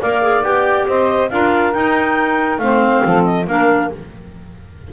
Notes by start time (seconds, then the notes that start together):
0.00 A#3 A#4 D5 F5
0.22 G#4
0.43 B3 G4 G5
0.87 C4 C5 D#5
1.29 D4 F4 A#4 F5
1.72 D#4 G5
2.58 A3 C4 C5 F5
3.05 F3 A4
3.24 D#5
3.46 A#3 D4 A#4 F5